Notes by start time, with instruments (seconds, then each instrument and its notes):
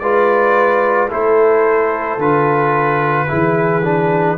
0.00 tuba G#3, trombone F4, horn B4, trumpet D5
1.09 tuba A3, trombone E4, horn A4, trumpet C5
2.18 tuba D3, trombone F4, trumpet B4
3.28 tuba E3, trombone E4, horn G#4
3.84 trombone D4